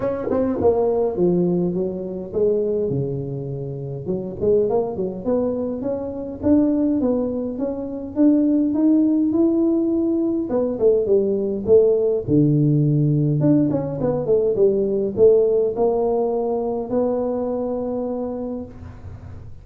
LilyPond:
\new Staff \with { instrumentName = "tuba" } { \time 4/4 \tempo 4 = 103 cis'8 c'8 ais4 f4 fis4 | gis4 cis2 fis8 gis8 | ais8 fis8 b4 cis'4 d'4 | b4 cis'4 d'4 dis'4 |
e'2 b8 a8 g4 | a4 d2 d'8 cis'8 | b8 a8 g4 a4 ais4~ | ais4 b2. | }